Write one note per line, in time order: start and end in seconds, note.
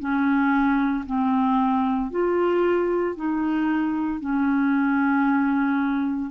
0.00 1.05 C#4
1.06 2.11 C4
2.11 3.16 F4
3.16 4.21 D#4
4.21 6.31 C#4